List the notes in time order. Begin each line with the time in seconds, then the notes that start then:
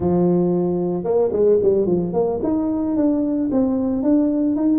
0.00 F3
1.03 A#3
1.32 G#3
1.62 G3
1.86 F3
2.13 A#3
2.43 D#4
2.96 D4
3.51 C4
4.02 D4
4.56 D#4